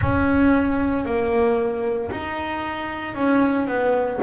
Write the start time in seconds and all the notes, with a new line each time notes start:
0.00 C#4
1.05 A#3
2.11 D#4
3.14 C#4
3.67 B3